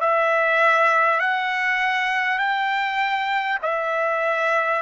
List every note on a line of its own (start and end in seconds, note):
0.00 1.20 E5
1.20 2.38 F#5
2.38 3.58 G5
3.62 4.82 E5